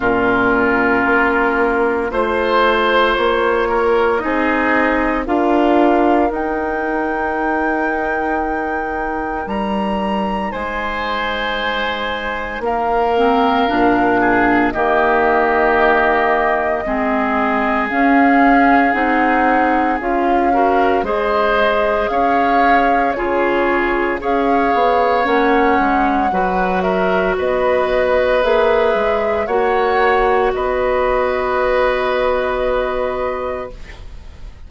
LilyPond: <<
  \new Staff \with { instrumentName = "flute" } { \time 4/4 \tempo 4 = 57 ais'2 c''4 cis''4 | dis''4 f''4 g''2~ | g''4 ais''4 gis''2 | f''2 dis''2~ |
dis''4 f''4 fis''4 f''4 | dis''4 f''4 cis''4 f''4 | fis''4. e''8 dis''4 e''4 | fis''4 dis''2. | }
  \new Staff \with { instrumentName = "oboe" } { \time 4/4 f'2 c''4. ais'8 | gis'4 ais'2.~ | ais'2 c''2 | ais'4. gis'8 g'2 |
gis'2.~ gis'8 ais'8 | c''4 cis''4 gis'4 cis''4~ | cis''4 b'8 ais'8 b'2 | cis''4 b'2. | }
  \new Staff \with { instrumentName = "clarinet" } { \time 4/4 cis'2 f'2 | dis'4 f'4 dis'2~ | dis'1~ | dis'8 c'8 d'4 ais2 |
c'4 cis'4 dis'4 f'8 fis'8 | gis'2 f'4 gis'4 | cis'4 fis'2 gis'4 | fis'1 | }
  \new Staff \with { instrumentName = "bassoon" } { \time 4/4 ais,4 ais4 a4 ais4 | c'4 d'4 dis'2~ | dis'4 g4 gis2 | ais4 ais,4 dis2 |
gis4 cis'4 c'4 cis'4 | gis4 cis'4 cis4 cis'8 b8 | ais8 gis8 fis4 b4 ais8 gis8 | ais4 b2. | }
>>